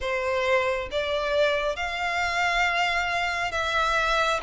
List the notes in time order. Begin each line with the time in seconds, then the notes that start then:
0.00 C5
0.91 D5
1.76 F5
3.51 E5